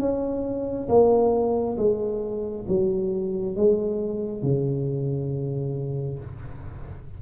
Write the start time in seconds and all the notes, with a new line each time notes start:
0.00 C#4
0.89 A#3
1.77 G#3
2.68 F#3
3.56 G#3
4.42 C#3